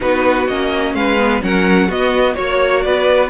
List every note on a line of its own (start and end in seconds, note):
0.00 0.48 B3
0.00 0.46 D#4
0.00 0.95 F#4
0.00 0.47 B4
0.47 0.94 A#3
0.47 1.18 C#4
0.47 0.94 D#5
0.94 1.41 G#3
0.94 1.43 B4
0.94 1.41 F5
1.18 1.41 B3
1.41 1.89 F#3
1.41 1.88 C#4
1.41 1.87 A#4
1.41 1.90 F#5
1.87 2.36 B3
1.87 2.34 B3
1.87 2.34 F#4
1.87 2.34 D#5
2.34 2.85 A#3
2.34 3.29 F#4
2.34 2.81 C#5
2.34 2.84 C#5
2.81 3.29 B3
2.81 3.29 B4
2.81 3.28 D5